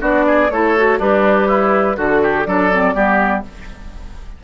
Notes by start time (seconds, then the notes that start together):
0.00 B3 D4 F#4 D5
0.27 G#4
0.51 A3 E4 A4 C#5
0.77 F#4
0.99 G3 D4 G4 B4
1.48 E4
1.97 D3 F#4 A4
2.23 G4
2.46 F#3 D4 A4 D5
2.72 C4
2.94 G3 B3 G4